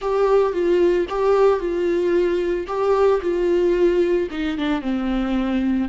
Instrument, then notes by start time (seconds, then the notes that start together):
viola
0.01 G4
0.53 F4
1.09 G4
1.59 F4
2.67 G4
3.21 F4
4.31 D#4
4.57 D4
4.81 C4